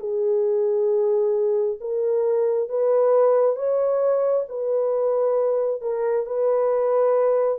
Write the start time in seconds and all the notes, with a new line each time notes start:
0.00 G#4
1.81 A#4
2.69 B4
3.56 C#5
4.49 B4
5.82 A#4
6.26 B4